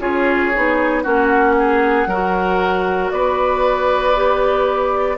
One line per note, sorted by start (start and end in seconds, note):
0.00 0.52 C#4
0.00 0.52 F4
0.00 1.03 G#4
0.00 1.03 C#5
0.55 1.05 B3
0.55 1.04 D#4
1.03 2.06 A#3
1.03 2.07 C#4
1.03 1.55 F#4
1.03 3.11 F#5
1.59 2.08 G#4
2.06 3.10 F#3
2.06 4.15 F#4
2.06 3.12 A#4
3.11 5.18 B3
3.11 5.18 B4
3.11 5.18 D5
4.15 5.18 G4